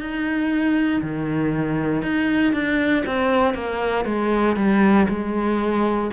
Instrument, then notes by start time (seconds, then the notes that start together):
cello
0.00 D#4
1.02 D#3
2.02 D#4
2.53 D4
3.06 C4
3.54 A#3
4.05 G#3
4.56 G3
5.08 G#3